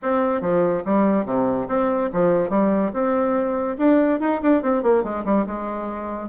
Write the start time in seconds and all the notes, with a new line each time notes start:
0.02 C4
0.41 F3
0.85 G3
1.25 C3
1.68 C4
2.12 F3
2.49 G3
2.93 C4
3.78 D4
4.20 D#4
4.42 D4
4.62 C4
4.82 A#3
5.03 G#3
5.24 G3
5.46 G#3